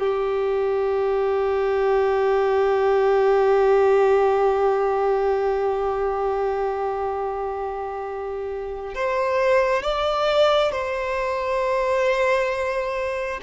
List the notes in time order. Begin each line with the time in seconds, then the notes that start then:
0.00 G4
8.95 C5
9.83 D5
10.72 C5